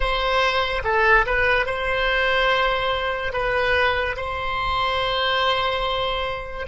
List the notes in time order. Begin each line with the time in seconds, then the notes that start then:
0.00 C5
0.83 A4
1.26 B4
1.66 C5
3.33 B4
4.16 C5